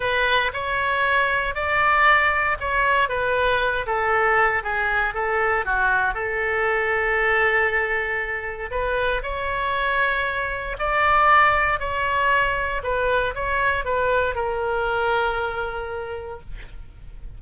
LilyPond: \new Staff \with { instrumentName = "oboe" } { \time 4/4 \tempo 4 = 117 b'4 cis''2 d''4~ | d''4 cis''4 b'4. a'8~ | a'4 gis'4 a'4 fis'4 | a'1~ |
a'4 b'4 cis''2~ | cis''4 d''2 cis''4~ | cis''4 b'4 cis''4 b'4 | ais'1 | }